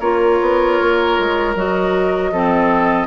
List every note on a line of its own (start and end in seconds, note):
0.00 0.39 A#3
0.00 1.55 F4
0.00 2.31 A#4
0.00 1.54 C#5
0.41 0.80 B3
0.81 1.19 A#3
1.19 1.55 G#3
1.55 2.32 F#3
1.55 2.33 F#4
1.55 3.07 D#5
2.32 3.07 F3
2.32 3.07 C4
2.32 3.07 A4